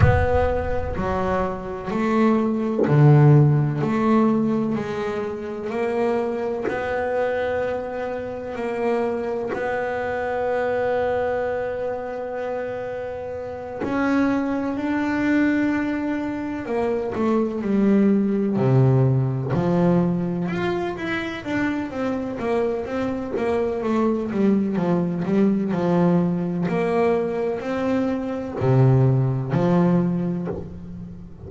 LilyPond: \new Staff \with { instrumentName = "double bass" } { \time 4/4 \tempo 4 = 63 b4 fis4 a4 d4 | a4 gis4 ais4 b4~ | b4 ais4 b2~ | b2~ b8 cis'4 d'8~ |
d'4. ais8 a8 g4 c8~ | c8 f4 f'8 e'8 d'8 c'8 ais8 | c'8 ais8 a8 g8 f8 g8 f4 | ais4 c'4 c4 f4 | }